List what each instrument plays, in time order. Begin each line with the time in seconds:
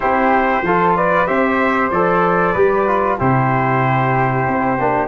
0.00 tuba C4, trombone E4, flute G4, trumpet C5
0.62 tuba F3, trombone F4, flute A4
0.96 flute B4, trumpet D5
1.26 tuba C4, trombone G4, flute C5, trumpet E5
1.91 tuba F3, trombone A4, trumpet D5
2.52 tuba G3, trombone G4, flute B4
2.87 trombone F4
3.18 tuba C3, trombone E4, flute G4, trumpet C5
4.47 tuba C4
4.79 tuba A#3, trombone D4